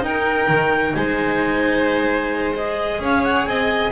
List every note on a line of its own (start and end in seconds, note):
0.00 2.52 D#4
0.00 0.47 D#4
0.00 0.95 A#4
0.00 0.93 G5
0.48 0.94 D#3
0.93 2.99 G#3
0.93 3.01 C5
0.93 2.54 G#5
2.54 3.91 G#4
2.54 3.02 D#5
2.99 3.45 C#4
2.99 3.48 C#5
2.99 3.23 F5
3.23 3.45 F#5
3.45 3.91 C4
3.45 3.92 D#5
3.45 3.91 G#5